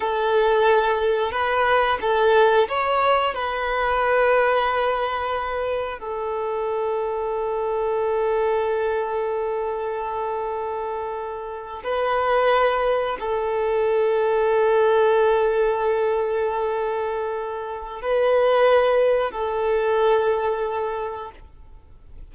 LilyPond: \new Staff \with { instrumentName = "violin" } { \time 4/4 \tempo 4 = 90 a'2 b'4 a'4 | cis''4 b'2.~ | b'4 a'2.~ | a'1~ |
a'4.~ a'16 b'2 a'16~ | a'1~ | a'2. b'4~ | b'4 a'2. | }